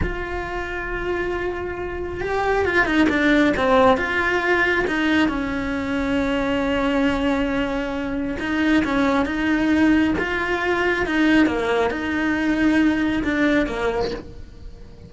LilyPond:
\new Staff \with { instrumentName = "cello" } { \time 4/4 \tempo 4 = 136 f'1~ | f'4 g'4 f'8 dis'8 d'4 | c'4 f'2 dis'4 | cis'1~ |
cis'2. dis'4 | cis'4 dis'2 f'4~ | f'4 dis'4 ais4 dis'4~ | dis'2 d'4 ais4 | }